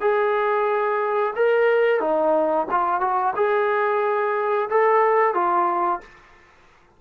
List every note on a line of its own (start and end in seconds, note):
0.00 1.33 G#4
1.35 2.00 A#4
2.00 2.66 D#4
2.70 3.00 F4
3.00 3.33 F#4
3.35 4.69 G#4
4.69 5.34 A4
5.34 6.00 F4